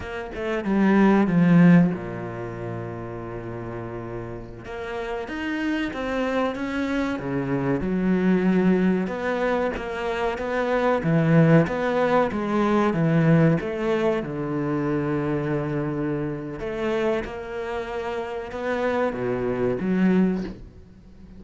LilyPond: \new Staff \with { instrumentName = "cello" } { \time 4/4 \tempo 4 = 94 ais8 a8 g4 f4 ais,4~ | ais,2.~ ais,16 ais8.~ | ais16 dis'4 c'4 cis'4 cis8.~ | cis16 fis2 b4 ais8.~ |
ais16 b4 e4 b4 gis8.~ | gis16 e4 a4 d4.~ d16~ | d2 a4 ais4~ | ais4 b4 b,4 fis4 | }